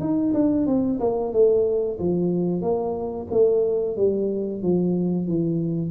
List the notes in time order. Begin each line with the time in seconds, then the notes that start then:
0.00 D#4
0.34 D4
0.66 C4
1.00 A#3
1.33 A3
1.99 F3
2.61 A#3
3.31 A3
3.96 G3
4.62 F3
5.27 E3